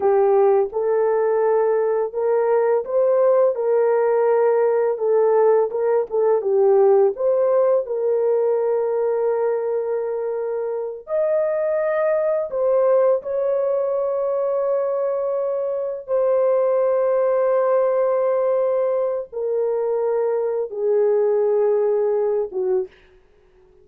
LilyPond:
\new Staff \with { instrumentName = "horn" } { \time 4/4 \tempo 4 = 84 g'4 a'2 ais'4 | c''4 ais'2 a'4 | ais'8 a'8 g'4 c''4 ais'4~ | ais'2.~ ais'8 dis''8~ |
dis''4. c''4 cis''4.~ | cis''2~ cis''8 c''4.~ | c''2. ais'4~ | ais'4 gis'2~ gis'8 fis'8 | }